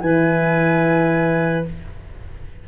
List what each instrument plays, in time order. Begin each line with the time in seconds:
0.00 tuba E3, horn E4, clarinet B4, flute G#5